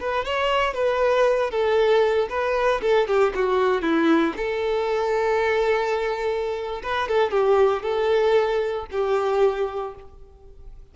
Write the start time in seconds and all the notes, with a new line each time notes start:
0.00 B4
0.25 C#5
0.74 B4
1.51 A4
2.29 B4
2.82 A4
3.07 G4
3.35 F#4
3.82 E4
4.37 A4
6.83 B4
7.08 A4
7.31 G4
7.83 A4
8.92 G4